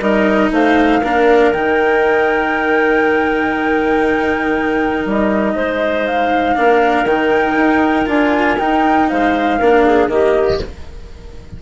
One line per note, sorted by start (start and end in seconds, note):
0.00 0.51 G3
0.00 1.02 D#4
0.00 0.50 A#4
0.00 0.51 D#5
0.51 1.02 A3
0.51 1.01 C5
0.51 1.53 F5
1.01 1.53 A#3
1.01 1.54 D4
1.01 5.55 A#4
1.53 5.06 D#3
1.53 6.56 D#4
1.53 5.06 G5
5.06 5.55 G3
5.06 6.07 D#5
5.55 6.56 G#3
5.55 6.56 C5
6.07 7.06 F5
6.56 7.04 A#3
6.56 7.06 D4
6.56 9.10 A#4
7.04 7.55 D#3
7.04 8.06 D#4
7.04 8.07 G5
7.56 8.07 D#4
8.06 8.58 D4
8.06 8.57 F4
8.06 8.59 G#5
8.59 9.60 D#4
8.59 9.11 D#4
8.59 9.09 G5
9.09 9.61 G#3
9.09 9.59 C5
9.09 10.10 F5
9.59 10.07 A#3
9.59 10.09 D4
9.59 9.84 A#4
9.85 10.10 G#4
10.07 10.57 D#3
10.07 10.60 A#3
10.07 10.62 G4
10.07 10.61 D#5